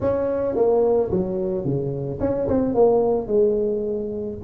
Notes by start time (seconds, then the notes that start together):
0.00 C#4
0.55 A#3
1.10 F#3
1.64 C#3
2.20 C#4
2.48 C4
2.74 A#3
3.27 G#3